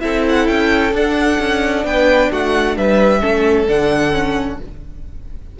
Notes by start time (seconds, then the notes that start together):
0.00 C4 E4 A4 E5
0.29 F#5
0.47 C#4 G5
0.93 D4 F#5
1.39 C#4
1.84 B3 B4 G5
2.31 A3 F#4 F#5
2.77 G3 B4 E5
3.21 A3 C#4 A4
3.68 D3 D4 F#5
4.12 C#4